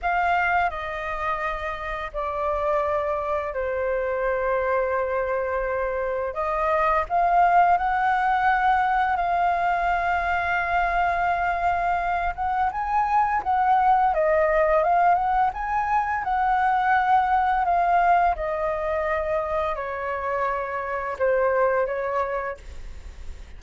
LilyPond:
\new Staff \with { instrumentName = "flute" } { \time 4/4 \tempo 4 = 85 f''4 dis''2 d''4~ | d''4 c''2.~ | c''4 dis''4 f''4 fis''4~ | fis''4 f''2.~ |
f''4. fis''8 gis''4 fis''4 | dis''4 f''8 fis''8 gis''4 fis''4~ | fis''4 f''4 dis''2 | cis''2 c''4 cis''4 | }